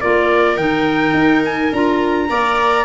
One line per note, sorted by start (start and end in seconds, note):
0.00 0.56 A#3
0.00 0.57 F4
0.00 2.29 A#4
0.00 0.56 D5
0.56 1.13 D#3
0.56 1.71 D#4
0.56 1.42 G5
1.13 1.70 D#4
1.44 1.73 G#5
1.72 2.29 D4
1.72 2.28 F4
1.72 2.84 A#5
2.28 2.84 A#3
2.28 2.84 A#4
2.28 2.84 D5